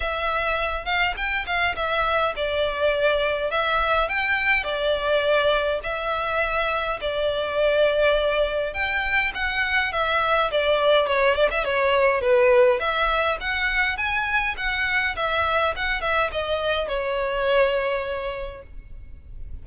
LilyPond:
\new Staff \with { instrumentName = "violin" } { \time 4/4 \tempo 4 = 103 e''4. f''8 g''8 f''8 e''4 | d''2 e''4 g''4 | d''2 e''2 | d''2. g''4 |
fis''4 e''4 d''4 cis''8 d''16 e''16 | cis''4 b'4 e''4 fis''4 | gis''4 fis''4 e''4 fis''8 e''8 | dis''4 cis''2. | }